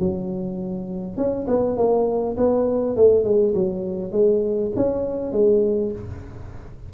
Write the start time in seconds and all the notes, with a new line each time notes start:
0.00 F#3
1.17 C#4
1.47 B3
1.77 A#3
2.37 B3
2.96 A3
3.25 G#3
3.55 F#3
4.12 G#3
4.77 C#4
5.33 G#3